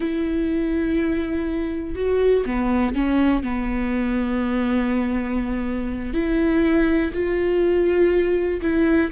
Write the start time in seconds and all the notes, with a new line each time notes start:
0.00 E4
1.95 F#4
2.45 B3
2.94 C#4
3.43 B3
6.13 E4
7.13 F4
8.61 E4